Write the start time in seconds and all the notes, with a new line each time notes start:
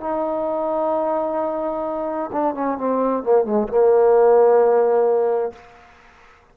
0.00 D#4
2.32 D4
2.54 C#4
2.78 C4
3.23 A#3
3.44 G#3
3.68 A#3